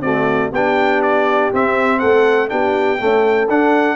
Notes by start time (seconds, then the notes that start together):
0.00 A3 C4 F#4 D5
0.52 B3 D4 G4 G5
1.02 D5
1.52 C4 E5
1.99 A3 A4 F#5
2.48 B3 D4 G4 G5
2.99 A3 C#4 A4
3.48 D4 F#5